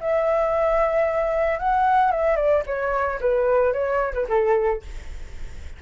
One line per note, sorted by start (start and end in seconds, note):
0.00 1.59 E5
1.59 2.11 F#5
2.11 2.36 E5
2.36 2.63 D5
2.66 3.19 C#5
3.20 3.73 B4
3.73 4.13 C#5
4.13 4.27 B4
4.28 4.82 A4